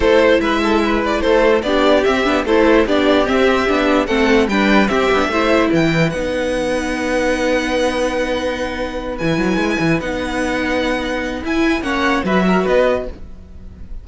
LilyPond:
<<
  \new Staff \with { instrumentName = "violin" } { \time 4/4 \tempo 4 = 147 c''4 e''4. d''8 c''4 | d''4 e''4 c''4 d''4 | e''2 fis''4 g''4 | e''2 g''4 fis''4~ |
fis''1~ | fis''2~ fis''8 gis''4.~ | gis''8 fis''2.~ fis''8 | gis''4 fis''4 e''4 dis''4 | }
  \new Staff \with { instrumentName = "violin" } { \time 4/4 a'4 b'8 a'8 b'4 a'4 | g'2 a'4 g'4~ | g'2 a'4 b'4 | g'4 c''4 b'2~ |
b'1~ | b'1~ | b'1~ | b'4 cis''4 b'8 ais'8 b'4 | }
  \new Staff \with { instrumentName = "viola" } { \time 4/4 e'1 | d'4 c'8 d'8 e'4 d'4 | c'4 d'4 c'4 d'4 | c'8 d'8 e'2 dis'4~ |
dis'1~ | dis'2~ dis'8 e'4.~ | e'8 dis'2.~ dis'8 | e'4 cis'4 fis'2 | }
  \new Staff \with { instrumentName = "cello" } { \time 4/4 a4 gis2 a4 | b4 c'8 b8 a4 b4 | c'4 b4 a4 g4 | c'8 b8 a4 e4 b4~ |
b1~ | b2~ b8 e8 fis8 gis8 | e8 b2.~ b8 | e'4 ais4 fis4 b4 | }
>>